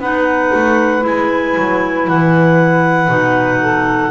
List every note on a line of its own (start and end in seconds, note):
0.00 0.52 B3
0.00 1.01 D#4
0.00 3.61 B4
0.00 1.05 F#5
0.54 1.05 A3
1.01 1.56 G#3
1.01 3.08 E4
1.01 2.09 G#5
1.57 2.08 F#3
2.08 3.09 E3
2.08 4.11 F#5
3.09 4.11 B2
3.09 4.11 D#4
3.61 4.11 A4